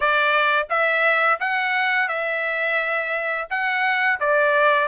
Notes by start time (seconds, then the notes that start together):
0.00 D5
0.69 E5
1.40 F#5
2.08 E5
3.49 F#5
4.20 D5